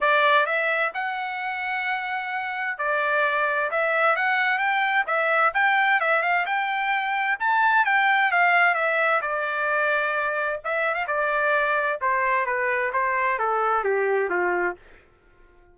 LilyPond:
\new Staff \with { instrumentName = "trumpet" } { \time 4/4 \tempo 4 = 130 d''4 e''4 fis''2~ | fis''2 d''2 | e''4 fis''4 g''4 e''4 | g''4 e''8 f''8 g''2 |
a''4 g''4 f''4 e''4 | d''2. e''8. f''16 | d''2 c''4 b'4 | c''4 a'4 g'4 f'4 | }